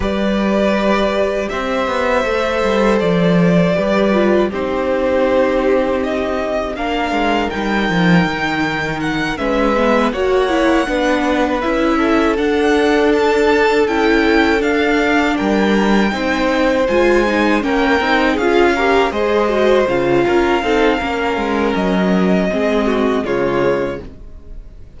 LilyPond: <<
  \new Staff \with { instrumentName = "violin" } { \time 4/4 \tempo 4 = 80 d''2 e''2 | d''2 c''2 | dis''4 f''4 g''2 | fis''8 e''4 fis''2 e''8~ |
e''8 fis''4 a''4 g''4 f''8~ | f''8 g''2 gis''4 g''8~ | g''8 f''4 dis''4 f''4.~ | f''4 dis''2 cis''4 | }
  \new Staff \with { instrumentName = "violin" } { \time 4/4 b'2 c''2~ | c''4 b'4 g'2~ | g'4 ais'2.~ | ais'8 b'4 cis''4 b'4. |
a'1~ | a'8 ais'4 c''2 ais'8~ | ais'8 gis'8 ais'8 c''4. ais'8 a'8 | ais'2 gis'8 fis'8 f'4 | }
  \new Staff \with { instrumentName = "viola" } { \time 4/4 g'2. a'4~ | a'4 g'8 f'8 dis'2~ | dis'4 d'4 dis'2~ | dis'8 cis'8 b8 fis'8 e'8 d'4 e'8~ |
e'8 d'2 e'4 d'8~ | d'4. dis'4 f'8 dis'8 cis'8 | dis'8 f'8 g'8 gis'8 fis'8 f'4 dis'8 | cis'2 c'4 gis4 | }
  \new Staff \with { instrumentName = "cello" } { \time 4/4 g2 c'8 b8 a8 g8 | f4 g4 c'2~ | c'4 ais8 gis8 g8 f8 dis4~ | dis8 gis4 ais4 b4 cis'8~ |
cis'8 d'2 cis'4 d'8~ | d'8 g4 c'4 gis4 ais8 | c'8 cis'4 gis4 cis8 cis'8 c'8 | ais8 gis8 fis4 gis4 cis4 | }
>>